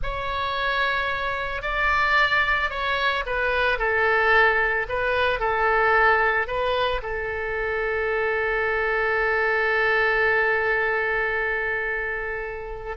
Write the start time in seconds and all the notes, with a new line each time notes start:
0.02 C#5
1.62 D5
2.70 C#5
3.26 B4
3.78 A4
4.88 B4
5.39 A4
6.47 B4
7.02 A4